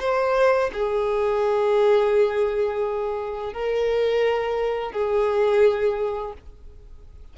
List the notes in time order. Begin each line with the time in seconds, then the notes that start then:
0.00 C5
0.73 G#4
3.53 A#4
4.92 G#4